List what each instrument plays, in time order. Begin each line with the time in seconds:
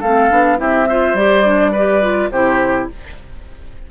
0.00 bassoon A3, oboe A4, flute F5
0.06 clarinet C4
0.30 bassoon B3, clarinet D4
0.57 bassoon C4, clarinet E4, oboe G4, flute E5
0.89 clarinet F4, oboe C5
1.14 bassoon G3, clarinet G4, flute D5
1.45 clarinet D4
1.72 clarinet G4, oboe B4
2.02 clarinet F4
2.31 bassoon C3, clarinet E4, oboe G4, flute C5